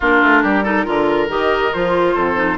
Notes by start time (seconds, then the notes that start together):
0.00 A#3 D4 F4 A#4
0.22 A3
0.42 G3 G4
0.63 D#4 A4
0.85 D3 F4 A#4
1.28 D#3 G4 D#5
1.73 F3 F4 C5
2.14 F2 A4
2.35 D#4